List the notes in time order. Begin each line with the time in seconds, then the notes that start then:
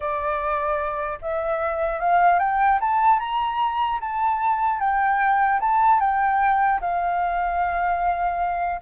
0.00 D5
1.21 E5
1.99 F5
2.39 G5
2.80 A5
3.19 A#5
4.00 A5
4.79 G5
5.60 A5
6.00 G5
6.80 F5